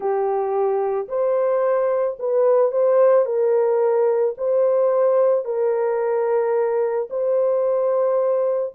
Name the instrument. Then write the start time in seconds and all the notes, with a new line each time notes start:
horn
0.00 G4
1.08 C5
2.19 B4
2.71 C5
3.25 A#4
4.37 C5
5.44 A#4
7.09 C5